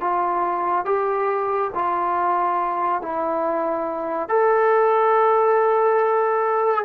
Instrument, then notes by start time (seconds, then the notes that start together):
trombone
0.00 F4
0.85 G4
1.74 F4
3.02 E4
4.28 A4